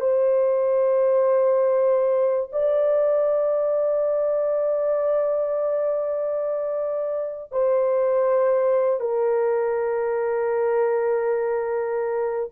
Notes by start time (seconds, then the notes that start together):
0.00 C5
2.52 D5
7.52 C5
9.00 A#4